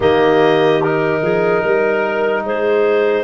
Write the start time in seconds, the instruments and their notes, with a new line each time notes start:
0.00 tuba D#3, trombone A#3, clarinet G4 D#5
0.82 trombone D#4, clarinet A#4
1.22 tuba F3, clarinet G#4
1.61 tuba G3, clarinet A#4
2.44 tuba G#3, clarinet G#4 C5